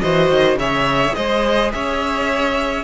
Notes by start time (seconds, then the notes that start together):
0.00 E3 F#4 C5 D#5
0.30 D#3
0.55 C#3 C#5 E5
0.62 G#4
1.15 G#3 C5 D#5
1.72 C#4 C#5 E5